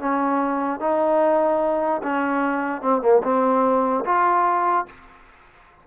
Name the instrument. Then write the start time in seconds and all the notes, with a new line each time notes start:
trombone
0.00 C#4
0.80 D#4
2.03 C#4
2.82 C4
3.02 A#3
3.24 C4
4.05 F4